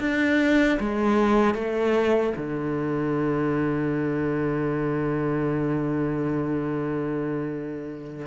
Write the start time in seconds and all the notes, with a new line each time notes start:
0.00 D4
0.80 G#3
1.55 A3
2.37 D3